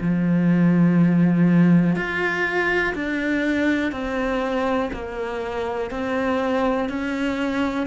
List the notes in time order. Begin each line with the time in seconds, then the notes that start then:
0.00 F3
1.95 F4
2.94 D4
3.91 C4
4.93 A#3
5.90 C4
6.89 C#4